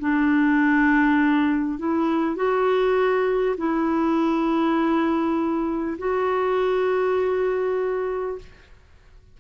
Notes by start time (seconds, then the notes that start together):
0.00 D4
1.78 E4
2.36 F#4
3.57 E4
5.98 F#4